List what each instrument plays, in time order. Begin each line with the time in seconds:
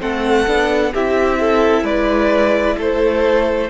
0.00 cello A3, viola C4, violin A4 F#5
0.47 cello B3, viola D4
0.93 cello C4, viola E4, violin G4 E5
1.40 violin A4
1.83 cello G#3, violin B4 D5
2.78 cello A3, violin A4 C5